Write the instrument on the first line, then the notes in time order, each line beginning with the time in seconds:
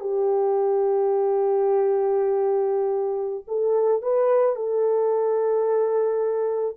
horn
0.00 G4
3.47 A4
4.02 B4
4.56 A4